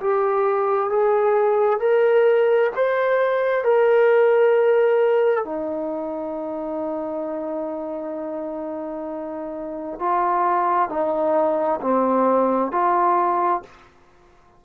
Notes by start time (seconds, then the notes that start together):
0.00 G4
0.89 G#4
1.79 A#4
2.75 C5
3.64 A#4
5.45 D#4
9.99 F4
10.89 D#4
11.81 C4
12.71 F4